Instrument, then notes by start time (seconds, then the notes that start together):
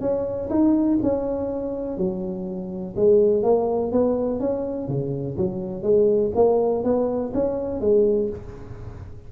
tuba
0.00 C#4
0.50 D#4
1.02 C#4
1.97 F#3
2.96 G#3
3.43 A#3
3.92 B3
4.40 C#4
4.88 C#3
5.37 F#3
5.82 G#3
6.35 A#3
6.84 B3
7.34 C#4
7.80 G#3